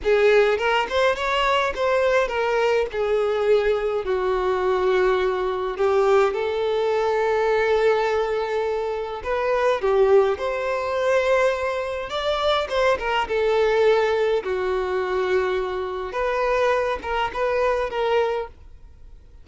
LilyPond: \new Staff \with { instrumentName = "violin" } { \time 4/4 \tempo 4 = 104 gis'4 ais'8 c''8 cis''4 c''4 | ais'4 gis'2 fis'4~ | fis'2 g'4 a'4~ | a'1 |
b'4 g'4 c''2~ | c''4 d''4 c''8 ais'8 a'4~ | a'4 fis'2. | b'4. ais'8 b'4 ais'4 | }